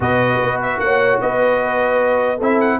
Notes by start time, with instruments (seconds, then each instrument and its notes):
0.00 tuba B2, trombone F#4, horn B4, trumpet D#5
0.43 tuba B3
0.62 trumpet E5
0.79 tuba A#3, horn C#5, trumpet F#5
1.21 tuba B3, horn B4, trumpet D#5
2.37 tuba C4, trombone E4, horn A4, trumpet E5
2.60 trumpet F#5